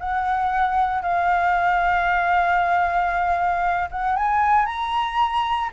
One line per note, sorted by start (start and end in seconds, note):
0.00 1.02 F#5
1.02 3.89 F5
3.92 4.17 F#5
4.17 4.66 G#5
4.66 5.70 A#5